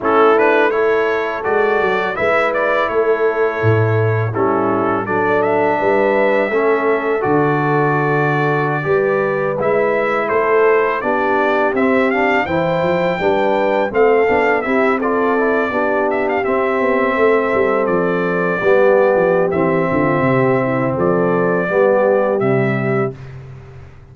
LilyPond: <<
  \new Staff \with { instrumentName = "trumpet" } { \time 4/4 \tempo 4 = 83 a'8 b'8 cis''4 d''4 e''8 d''8 | cis''2 a'4 d''8 e''8~ | e''2 d''2~ | d''4~ d''16 e''4 c''4 d''8.~ |
d''16 e''8 f''8 g''2 f''8.~ | f''16 e''8 d''4. e''16 f''16 e''4~ e''16~ | e''8. d''2~ d''16 e''4~ | e''4 d''2 e''4 | }
  \new Staff \with { instrumentName = "horn" } { \time 4/4 e'4 a'2 b'4 | a'2 e'4 a'4 | b'4 a'2.~ | a'16 b'2 a'4 g'8.~ |
g'4~ g'16 c''4 b'4 a'8.~ | a'16 g'8 a'4 g'2 a'16~ | a'4.~ a'16 g'4.~ g'16 f'8 | g'8 e'8 a'4 g'2 | }
  \new Staff \with { instrumentName = "trombone" } { \time 4/4 cis'8 d'8 e'4 fis'4 e'4~ | e'2 cis'4 d'4~ | d'4 cis'4 fis'2~ | fis'16 g'4 e'2 d'8.~ |
d'16 c'8 d'8 e'4 d'4 c'8 d'16~ | d'16 e'8 f'8 e'8 d'4 c'4~ c'16~ | c'4.~ c'16 b4~ b16 c'4~ | c'2 b4 g4 | }
  \new Staff \with { instrumentName = "tuba" } { \time 4/4 a2 gis8 fis8 gis4 | a4 a,4 g4 fis4 | g4 a4 d2~ | d16 g4 gis4 a4 b8.~ |
b16 c'4 e8 f8 g4 a8 b16~ | b16 c'4. b4 c'8 b8 a16~ | a16 g8 f4 g8. f8 e8 d8 | c4 f4 g4 c4 | }
>>